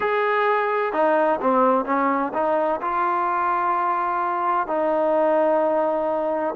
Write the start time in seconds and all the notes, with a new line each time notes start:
0.00 G#4
0.92 D#4
1.41 C4
1.85 C#4
2.33 D#4
2.81 F4
4.67 D#4